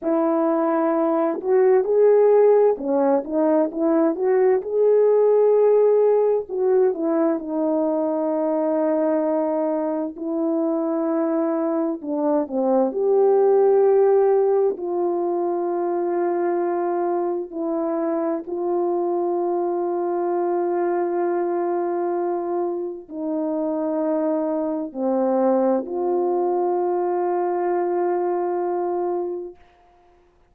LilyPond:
\new Staff \with { instrumentName = "horn" } { \time 4/4 \tempo 4 = 65 e'4. fis'8 gis'4 cis'8 dis'8 | e'8 fis'8 gis'2 fis'8 e'8 | dis'2. e'4~ | e'4 d'8 c'8 g'2 |
f'2. e'4 | f'1~ | f'4 dis'2 c'4 | f'1 | }